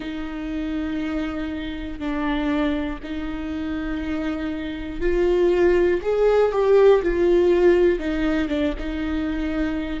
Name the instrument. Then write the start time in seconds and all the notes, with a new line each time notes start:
viola
0.00 D#4
1.99 D4
3.03 D#4
5.00 F4
6.01 G#4
6.52 G4
7.02 F4
7.99 D#4
8.48 D4
8.79 D#4